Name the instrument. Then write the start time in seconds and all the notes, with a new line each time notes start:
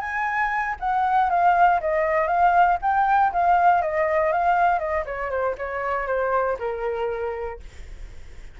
flute
0.00 G#5
0.80 F#5
1.30 F5
1.80 D#5
2.27 F5
2.82 G5
3.33 F5
3.82 D#5
4.32 F5
4.79 D#5
5.05 C#5
5.30 C5
5.58 C#5
6.07 C5
6.59 A#4